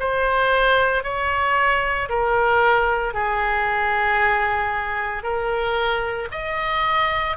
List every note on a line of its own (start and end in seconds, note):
0.00 1.04 C5
1.04 2.09 C#5
2.10 3.14 A#4
3.14 5.23 G#4
5.23 6.29 A#4
6.32 7.37 D#5